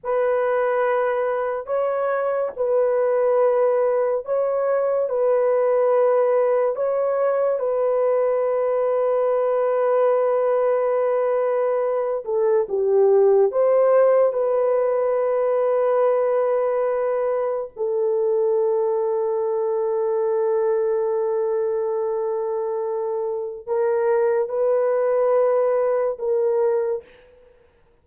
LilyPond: \new Staff \with { instrumentName = "horn" } { \time 4/4 \tempo 4 = 71 b'2 cis''4 b'4~ | b'4 cis''4 b'2 | cis''4 b'2.~ | b'2~ b'8 a'8 g'4 |
c''4 b'2.~ | b'4 a'2.~ | a'1 | ais'4 b'2 ais'4 | }